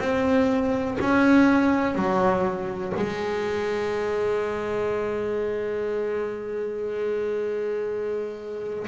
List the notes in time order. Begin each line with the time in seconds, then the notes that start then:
0.00 C4
1.01 C#4
1.95 F#3
2.97 G#3